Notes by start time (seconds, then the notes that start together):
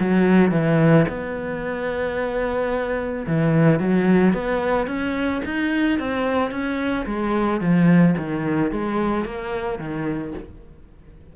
0.00 F#3
0.52 E3
1.08 B3
3.27 E3
3.80 F#3
4.34 B3
4.87 C#4
5.45 D#4
5.99 C4
6.51 C#4
7.06 G#3
7.61 F3
8.18 D#3
8.71 G#3
9.26 A#3
9.79 D#3